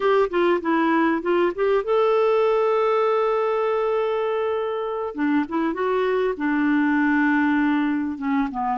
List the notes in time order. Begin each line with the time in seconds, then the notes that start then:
0.00 G4
0.29 F4
0.61 E4
1.22 F4
1.55 G4
1.83 A4
5.15 D4
5.48 E4
5.73 F#4
6.37 D4
8.18 C#4
8.51 B3